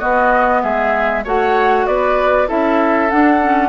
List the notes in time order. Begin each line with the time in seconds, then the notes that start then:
0.00 B3 F#4 D#5
0.63 G#3 G#4 E5
1.24 A3 F#4 C#5 F#5
1.87 B3 B4 D5
2.48 C#4 E4 A4 E5
3.10 D4 F#5
3.41 C#4